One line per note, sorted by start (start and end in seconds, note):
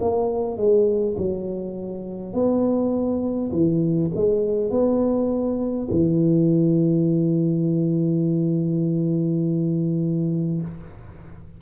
0.00 0.57 A#3
0.57 1.16 G#3
1.18 2.34 F#3
2.34 3.51 B3
3.52 4.11 E3
4.15 4.71 G#3
4.71 5.88 B3
5.91 10.61 E3